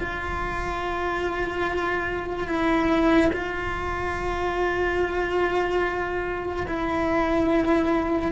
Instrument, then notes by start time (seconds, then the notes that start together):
cello
0.00 F4
2.48 E4
3.33 F4
6.67 E4